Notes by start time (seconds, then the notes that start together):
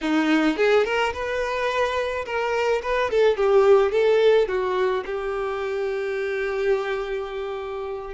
0.01 D#4
0.57 G#4
0.84 A#4
1.13 B4
2.25 A#4
2.82 B4
3.10 A4
3.36 G4
3.91 A4
4.47 F#4
5.05 G4